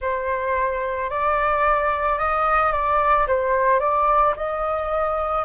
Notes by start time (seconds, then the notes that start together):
0.00 C5
1.10 D5
2.18 D#5
2.72 D5
3.27 C5
3.79 D5
4.36 D#5